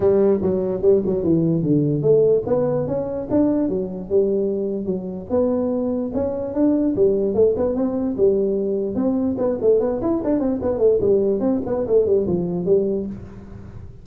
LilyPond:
\new Staff \with { instrumentName = "tuba" } { \time 4/4 \tempo 4 = 147 g4 fis4 g8 fis8 e4 | d4 a4 b4 cis'4 | d'4 fis4 g2 | fis4 b2 cis'4 |
d'4 g4 a8 b8 c'4 | g2 c'4 b8 a8 | b8 e'8 d'8 c'8 b8 a8 g4 | c'8 b8 a8 g8 f4 g4 | }